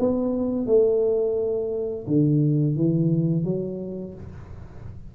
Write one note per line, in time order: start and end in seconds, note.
0.00 0.67 B3
0.67 2.06 A3
2.07 2.77 D3
2.77 3.45 E3
3.45 4.14 F#3